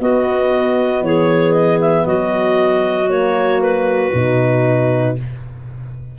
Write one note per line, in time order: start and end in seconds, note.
0.00 1.02 B3
0.00 3.10 B3
0.00 1.05 F#4
0.00 1.04 D#5
1.02 2.05 E3
1.02 2.06 G#4
1.02 1.53 C#5
1.53 1.78 D#5
1.81 2.06 E5
2.06 4.13 F#3
2.06 5.16 F#4
2.06 3.10 D#5
3.10 4.13 A#3
3.10 3.61 C#5
3.62 5.17 B4
4.14 5.17 B2
4.14 5.19 D#4